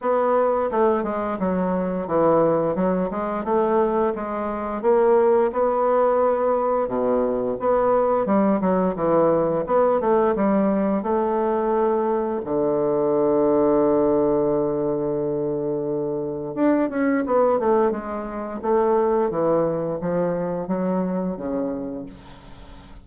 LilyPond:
\new Staff \with { instrumentName = "bassoon" } { \time 4/4 \tempo 4 = 87 b4 a8 gis8 fis4 e4 | fis8 gis8 a4 gis4 ais4 | b2 b,4 b4 | g8 fis8 e4 b8 a8 g4 |
a2 d2~ | d1 | d'8 cis'8 b8 a8 gis4 a4 | e4 f4 fis4 cis4 | }